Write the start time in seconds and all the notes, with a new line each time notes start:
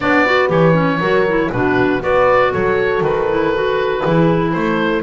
0.00 B3 D4 C#5 D5
0.23 F#4 B4
0.48 E3 G4 C#5
0.73 C#4
1.00 F#3 F#4 A#4
1.28 E4
1.51 B2 D4 F#4 B4
2.01 B3 F#4 B4 D5
2.51 F#3 A4 C#5
3.01 D#3 B4
3.29 E4
3.54 F#4
4.02 E3 E4 G#4
4.52 A3 A4 C5